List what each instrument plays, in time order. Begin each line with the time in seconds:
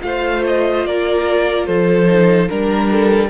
0.00 cello A3, viola F4, violin C5 F5
0.47 violin D#5
0.86 cello A#3, violin A#4 D5
1.67 cello F3, violin A4 C5
2.07 viola D#4
2.49 cello G3, viola D4, violin A#4
2.92 violin A4